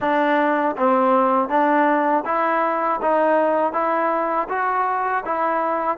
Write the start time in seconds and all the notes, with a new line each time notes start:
0.00 D4
0.76 C4
1.49 D4
2.25 E4
3.01 D#4
3.73 E4
4.49 F#4
5.25 E4